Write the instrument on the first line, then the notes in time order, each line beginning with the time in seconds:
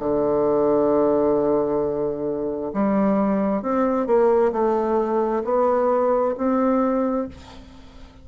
bassoon
0.00 D3
2.74 G3
3.63 C4
4.07 A#3
4.52 A3
5.45 B3
6.38 C4